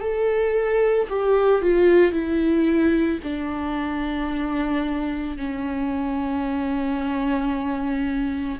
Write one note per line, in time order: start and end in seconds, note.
0.00 1.07 A4
1.09 1.61 G4
1.61 2.12 F4
2.12 3.19 E4
3.23 5.37 D4
5.37 8.58 C#4